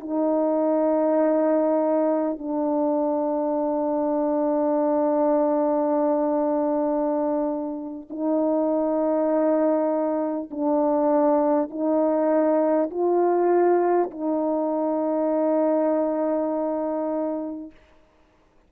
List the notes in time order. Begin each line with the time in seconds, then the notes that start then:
0.00 D#4
2.38 D4
8.09 D#4
10.51 D4
11.70 D#4
12.90 F4
14.10 D#4